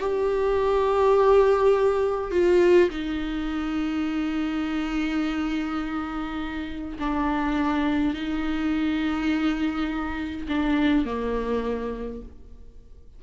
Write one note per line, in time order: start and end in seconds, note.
0.00 2.31 G4
2.31 2.89 F4
2.90 6.98 D#4
6.99 8.14 D4
8.14 10.47 D#4
10.48 11.05 D4
11.05 12.21 A#3